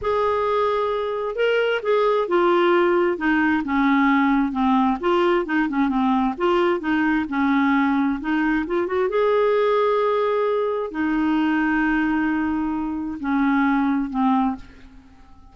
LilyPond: \new Staff \with { instrumentName = "clarinet" } { \time 4/4 \tempo 4 = 132 gis'2. ais'4 | gis'4 f'2 dis'4 | cis'2 c'4 f'4 | dis'8 cis'8 c'4 f'4 dis'4 |
cis'2 dis'4 f'8 fis'8 | gis'1 | dis'1~ | dis'4 cis'2 c'4 | }